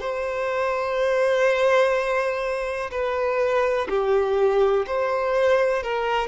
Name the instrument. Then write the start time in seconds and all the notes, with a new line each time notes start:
violin
0.00 C5
2.91 B4
3.89 G4
4.87 C5
5.83 A#4